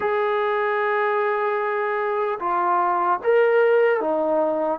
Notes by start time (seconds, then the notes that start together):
0.00 G#4
2.39 F4
3.23 A#4
4.00 D#4